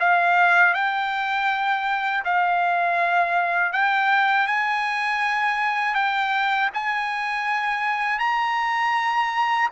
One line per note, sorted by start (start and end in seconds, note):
0.00 0.74 F5
0.74 2.24 G5
2.25 3.73 F5
3.73 4.47 G5
4.47 5.95 G#5
5.95 6.70 G5
6.74 8.19 G#5
8.19 9.69 A#5